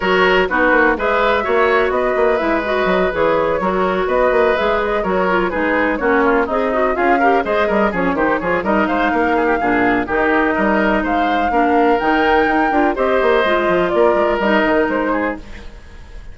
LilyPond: <<
  \new Staff \with { instrumentName = "flute" } { \time 4/4 \tempo 4 = 125 cis''4 b'4 e''2 | dis''4 e''8 dis''4 cis''4.~ | cis''8 dis''4 e''8 dis''8 cis''4 b'8~ | b'8 cis''4 dis''4 f''4 dis''8~ |
dis''8 cis''8 c''8 cis''8 dis''8 f''4.~ | f''4 dis''2 f''4~ | f''4 g''2 dis''4~ | dis''4 d''4 dis''4 c''4 | }
  \new Staff \with { instrumentName = "oboe" } { \time 4/4 ais'4 fis'4 b'4 cis''4 | b'2.~ b'8 ais'8~ | ais'8 b'2 ais'4 gis'8~ | gis'8 fis'8 f'8 dis'4 gis'8 ais'8 c''8 |
ais'8 gis'8 g'8 gis'8 ais'8 c''8 ais'8 gis'16 g'16 | gis'4 g'4 ais'4 c''4 | ais'2. c''4~ | c''4 ais'2~ ais'8 gis'8 | }
  \new Staff \with { instrumentName = "clarinet" } { \time 4/4 fis'4 dis'4 gis'4 fis'4~ | fis'4 e'8 fis'4 gis'4 fis'8~ | fis'4. gis'4 fis'8 f'8 dis'8~ | dis'8 cis'4 gis'8 fis'8 f'8 g'8 gis'8~ |
gis'8 cis'8 dis'8 f'8 dis'2 | d'4 dis'2. | d'4 dis'4. f'8 g'4 | f'2 dis'2 | }
  \new Staff \with { instrumentName = "bassoon" } { \time 4/4 fis4 b8 ais8 gis4 ais4 | b8 ais8 gis4 fis8 e4 fis8~ | fis8 b8 ais8 gis4 fis4 gis8~ | gis8 ais4 c'4 cis'4 gis8 |
g8 f8 dis8 f8 g8 gis8 ais4 | ais,4 dis4 g4 gis4 | ais4 dis4 dis'8 d'8 c'8 ais8 | gis8 f8 ais8 gis8 g8 dis8 gis4 | }
>>